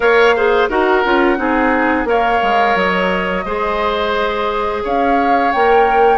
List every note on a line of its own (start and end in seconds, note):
0.00 0.68 A#3
0.00 0.34 A#4
0.00 0.35 C#5
0.00 0.69 F5
0.36 0.69 G#4
0.36 0.69 C5
0.69 1.03 D#4
0.69 1.03 F#4
0.69 1.38 A#4
0.69 2.07 F#5
1.03 1.38 C#4
1.03 1.36 F4
1.36 2.04 C4
1.36 2.05 D#4
1.36 2.08 G#4
2.04 2.39 A#3
2.04 3.43 A#4
2.04 3.45 C#5
2.04 2.77 F5
2.42 2.75 G#3
2.75 3.44 F#3
2.75 4.84 D#5
3.45 4.83 G#3
3.45 5.53 G#4
3.45 4.83 C5
4.83 5.53 C#4
4.83 6.17 C#5
4.83 5.52 F5
5.52 6.17 A#3
5.52 6.17 A#4
5.52 6.17 G5